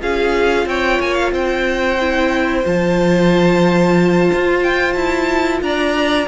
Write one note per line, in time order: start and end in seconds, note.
0.00 0.66 C#4
0.00 1.98 F4
0.00 0.68 G#4
0.00 0.68 F5
0.66 0.99 C4
0.66 1.33 C#5
0.66 1.01 G5
1.00 1.32 A#3
1.00 1.14 G#5
1.14 1.30 F5
1.32 2.64 C4
1.32 5.61 C5
1.32 2.66 G5
2.00 2.65 E4
2.65 4.30 F3
2.65 6.28 F4
2.65 4.63 A5
4.33 4.95 F4
4.63 4.93 G5
4.93 5.61 E4
4.93 5.59 A5
5.62 6.28 D4
5.62 6.28 D5
5.62 6.28 A#5